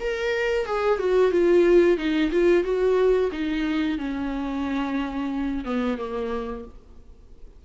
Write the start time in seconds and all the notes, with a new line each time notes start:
0.00 A#4
0.66 G#4
0.99 F#4
1.32 F4
1.98 D#4
2.32 F4
2.64 F#4
3.32 D#4
3.98 C#4
5.65 B3
5.98 A#3